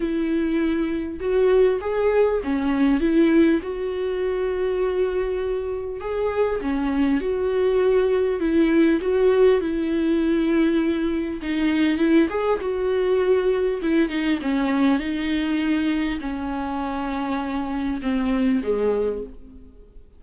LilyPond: \new Staff \with { instrumentName = "viola" } { \time 4/4 \tempo 4 = 100 e'2 fis'4 gis'4 | cis'4 e'4 fis'2~ | fis'2 gis'4 cis'4 | fis'2 e'4 fis'4 |
e'2. dis'4 | e'8 gis'8 fis'2 e'8 dis'8 | cis'4 dis'2 cis'4~ | cis'2 c'4 gis4 | }